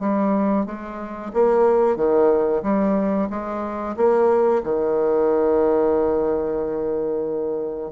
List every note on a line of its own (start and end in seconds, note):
0.00 0.66 G3
0.66 1.32 G#3
1.33 1.96 A#3
1.96 2.62 D#3
2.63 3.28 G3
3.30 3.96 G#3
3.96 4.62 A#3
4.63 7.92 D#3